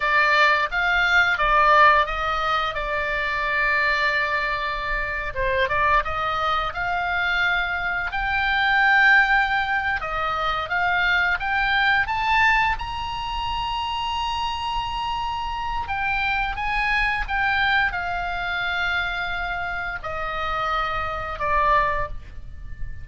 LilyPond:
\new Staff \with { instrumentName = "oboe" } { \time 4/4 \tempo 4 = 87 d''4 f''4 d''4 dis''4 | d''2.~ d''8. c''16~ | c''16 d''8 dis''4 f''2 g''16~ | g''2~ g''8 dis''4 f''8~ |
f''8 g''4 a''4 ais''4.~ | ais''2. g''4 | gis''4 g''4 f''2~ | f''4 dis''2 d''4 | }